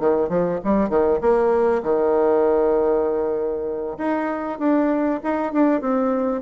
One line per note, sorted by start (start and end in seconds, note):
0.00 0.29 D#3
0.29 0.60 F3
0.64 0.90 G3
0.90 1.20 D#3
1.21 1.82 A#3
1.83 3.97 D#3
3.98 4.59 D#4
4.59 5.20 D4
5.23 5.53 D#4
5.53 5.81 D4
5.81 6.42 C4